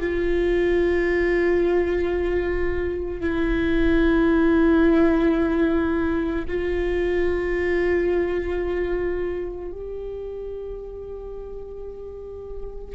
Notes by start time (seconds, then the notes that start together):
0.00 F4
3.21 E4
6.48 F4
9.72 G4